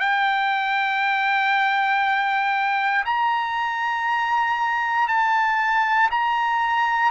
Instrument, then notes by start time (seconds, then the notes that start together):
trumpet
0.00 G5
3.06 A#5
5.08 A5
6.11 A#5